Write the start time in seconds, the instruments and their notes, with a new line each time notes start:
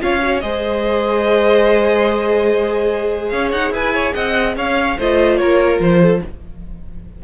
0.00 cello C#4, viola F4, violin C#5 F5
0.22 viola F#4
0.40 cello G#3, viola G#4, violin C5 D#5
3.29 cello C#4, violin C#5 F5
3.52 cello D#4, violin F#5
3.70 cello E4, violin B4 G#5
3.94 violin C#5
4.13 cello C4, violin D#5 F#5
4.56 cello C#4, violin C#5 F5
4.98 cello A3, viola F4, violin C5 D#5
5.37 cello A#3, violin A#4 C#5
5.79 cello F3, violin C5
6.01 violin A4